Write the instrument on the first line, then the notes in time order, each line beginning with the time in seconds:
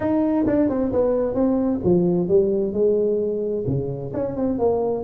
tuba
0.00 D#4
0.46 D4
0.69 C4
0.92 B3
1.34 C4
1.83 F3
2.28 G3
2.73 G#3
3.66 C#3
4.13 C#4
4.36 C4
4.58 A#3